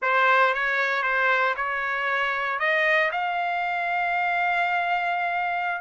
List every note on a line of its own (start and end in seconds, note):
0.02 0.53 C5
0.54 1.03 C#5
1.03 1.54 C5
1.56 2.59 C#5
2.59 3.11 D#5
3.11 5.81 F5